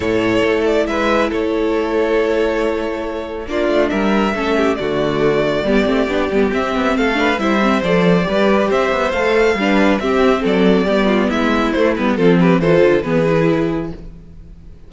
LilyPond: <<
  \new Staff \with { instrumentName = "violin" } { \time 4/4 \tempo 4 = 138 cis''4. d''8 e''4 cis''4~ | cis''1 | d''4 e''2 d''4~ | d''2. e''4 |
f''4 e''4 d''2 | e''4 f''2 e''4 | d''2 e''4 c''8 b'8 | a'8 b'8 c''4 b'2 | }
  \new Staff \with { instrumentName = "violin" } { \time 4/4 a'2 b'4 a'4~ | a'1 | f'4 ais'4 a'8 g'8 fis'4~ | fis'4 g'2. |
a'8 b'8 c''2 b'4 | c''2 b'4 g'4 | a'4 g'8 f'8 e'2 | f'8 g'8 a'4 gis'2 | }
  \new Staff \with { instrumentName = "viola" } { \time 4/4 e'1~ | e'1 | d'2 cis'4 a4~ | a4 b8 c'8 d'8 b8 c'4~ |
c'8 d'8 e'8 c'8 a'4 g'4~ | g'4 a'4 d'4 c'4~ | c'4 b2 a8 b8 | c'4 f'4 b8 e'4. | }
  \new Staff \with { instrumentName = "cello" } { \time 4/4 a,4 a4 gis4 a4~ | a1 | ais8 a8 g4 a4 d4~ | d4 g8 a8 b8 g8 c'8 b8 |
a4 g4 f4 g4 | c'8 b8 a4 g4 c'4 | fis4 g4 gis4 a8 g8 | f4 e8 d8 e2 | }
>>